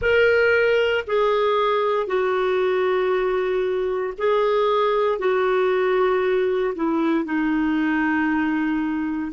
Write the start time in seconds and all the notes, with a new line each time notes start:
0.01 A#4
1.07 G#4
2.06 F#4
4.18 G#4
5.19 F#4
6.75 E4
7.25 D#4